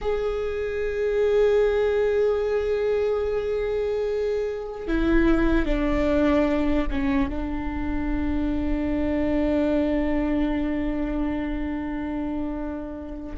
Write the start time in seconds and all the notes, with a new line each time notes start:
0.01 G#4
4.87 E4
5.65 D4
6.90 C#4
7.29 D4